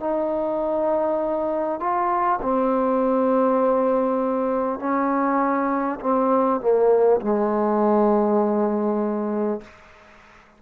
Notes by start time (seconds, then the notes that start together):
0.00 D#4
1.79 F4
2.42 C4
4.79 C#4
6.01 C4
6.61 A#3
7.21 G#3